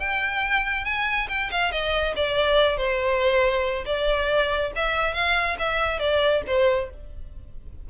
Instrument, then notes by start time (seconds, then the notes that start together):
violin
0.00 G5
0.85 G#5
1.29 G5
1.52 F5
1.72 D#5
2.16 D5
2.78 C5
3.86 D5
4.76 E5
5.14 F5
5.59 E5
5.99 D5
6.47 C5